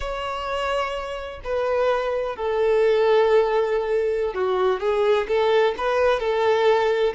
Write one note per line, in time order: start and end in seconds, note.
0.00 1.40 C#5
1.44 2.36 B4
2.36 4.34 A4
4.34 4.80 F#4
4.80 5.27 G#4
5.28 5.74 A4
5.77 6.19 B4
6.19 7.13 A4